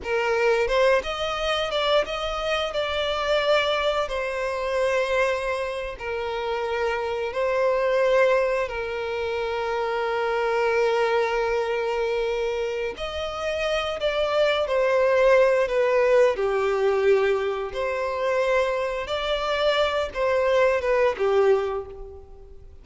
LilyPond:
\new Staff \with { instrumentName = "violin" } { \time 4/4 \tempo 4 = 88 ais'4 c''8 dis''4 d''8 dis''4 | d''2 c''2~ | c''8. ais'2 c''4~ c''16~ | c''8. ais'2.~ ais'16~ |
ais'2. dis''4~ | dis''8 d''4 c''4. b'4 | g'2 c''2 | d''4. c''4 b'8 g'4 | }